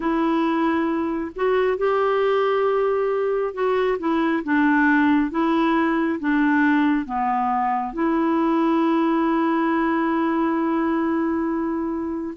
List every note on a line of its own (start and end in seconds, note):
0.00 1.31 E4
1.35 1.77 F#4
1.77 3.53 G4
3.53 3.97 F#4
3.99 4.43 E4
4.44 5.31 D4
5.31 6.19 E4
6.19 7.05 D4
7.05 7.93 B3
7.93 12.34 E4